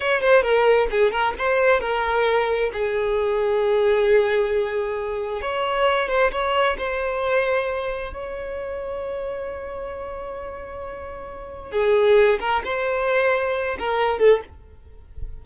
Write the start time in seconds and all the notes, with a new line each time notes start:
0.00 C#5
0.21 C5
0.42 A#4
0.90 G#4
1.11 A#4
1.38 C5
1.80 A#4
2.72 G#4
5.41 C#5
6.08 C5
6.31 C#5
6.78 C5
8.13 C#5
11.71 G#4
12.40 A#4
12.64 C5
13.78 A#4
14.18 A4